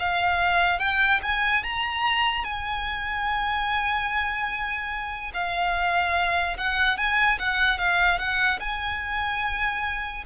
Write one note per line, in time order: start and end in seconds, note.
0.00 0.80 F5
0.80 1.21 G5
1.23 1.64 G#5
1.64 2.45 A#5
2.45 5.32 G#5
5.34 6.58 F5
6.58 6.98 F#5
6.98 7.39 G#5
7.40 7.79 F#5
7.79 8.19 F5
8.19 8.60 F#5
8.60 10.24 G#5